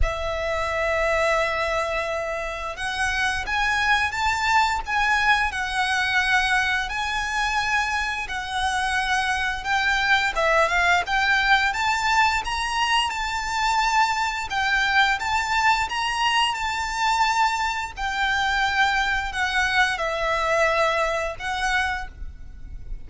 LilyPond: \new Staff \with { instrumentName = "violin" } { \time 4/4 \tempo 4 = 87 e''1 | fis''4 gis''4 a''4 gis''4 | fis''2 gis''2 | fis''2 g''4 e''8 f''8 |
g''4 a''4 ais''4 a''4~ | a''4 g''4 a''4 ais''4 | a''2 g''2 | fis''4 e''2 fis''4 | }